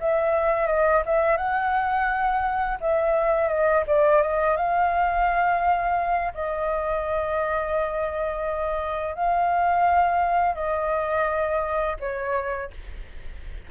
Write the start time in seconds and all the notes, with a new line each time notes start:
0.00 E5
0.67 D#5
1.06 E5
1.37 F#5
2.80 E5
3.48 D#5
3.87 D5
4.22 D#5
4.56 F5
6.34 D#5
9.15 F5
10.55 D#5
12.00 C#5